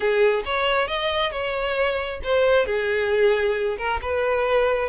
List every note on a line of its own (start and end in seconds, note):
0.00 0.43 G#4
0.45 0.87 C#5
0.87 1.31 D#5
1.31 2.20 C#5
2.23 2.66 C5
2.66 3.77 G#4
3.77 4.00 A#4
4.01 4.89 B4